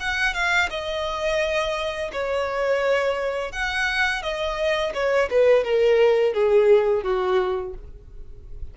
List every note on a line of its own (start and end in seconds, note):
0.00 0.34 F#5
0.34 0.69 F5
0.70 2.11 D#5
2.12 3.52 C#5
3.52 4.22 F#5
4.22 4.93 D#5
4.94 5.29 C#5
5.30 5.64 B4
5.64 6.34 A#4
6.34 7.03 G#4
7.03 7.74 F#4